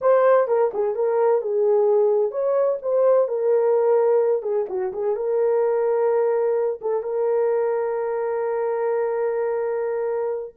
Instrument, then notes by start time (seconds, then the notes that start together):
horn
0.01 C5
0.47 A#4
0.73 G#4
0.95 A#4
1.41 G#4
2.31 C#5
2.81 C5
3.28 A#4
4.42 G#4
4.69 F#4
4.92 G#4
5.15 A#4
6.81 A4
7.02 A#4